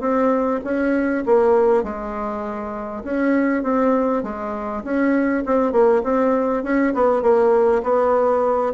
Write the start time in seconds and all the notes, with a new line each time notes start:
0.00 C4
0.64 C#4
1.25 A#3
1.83 G#3
3.04 C#4
3.63 C4
4.23 G#3
4.84 C#4
5.45 C4
5.72 A#3
6.03 C4
6.63 C#4
6.94 B3
7.22 A#3
7.83 B3